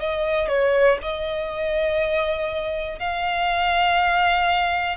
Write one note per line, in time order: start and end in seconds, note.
0.00 0.49 D#5
0.49 0.99 C#5
1.02 2.99 D#5
2.99 4.97 F5